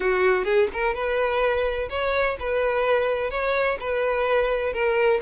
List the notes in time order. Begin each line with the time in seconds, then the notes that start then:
0.00 F#4
0.44 G#4
0.73 A#4
0.94 B4
1.89 C#5
2.39 B4
3.30 C#5
3.79 B4
4.73 A#4